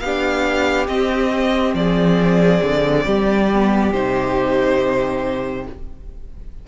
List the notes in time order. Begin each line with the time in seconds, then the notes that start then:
0.00 B3 D4 G4 F5
0.87 C4 D#5
1.74 F3 G#4 D5
2.62 D3
3.05 G3 G4
3.53 B3
3.93 C3 D#4 C5